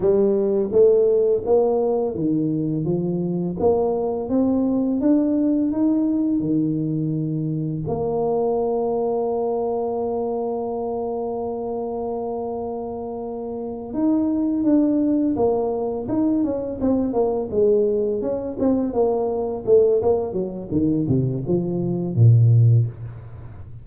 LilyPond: \new Staff \with { instrumentName = "tuba" } { \time 4/4 \tempo 4 = 84 g4 a4 ais4 dis4 | f4 ais4 c'4 d'4 | dis'4 dis2 ais4~ | ais1~ |
ais2.~ ais8 dis'8~ | dis'8 d'4 ais4 dis'8 cis'8 c'8 | ais8 gis4 cis'8 c'8 ais4 a8 | ais8 fis8 dis8 c8 f4 ais,4 | }